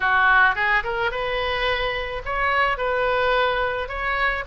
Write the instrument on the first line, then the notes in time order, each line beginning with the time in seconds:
oboe
0.00 F#4
0.55 G#4
0.83 A#4
1.11 B4
2.25 C#5
2.77 B4
3.88 C#5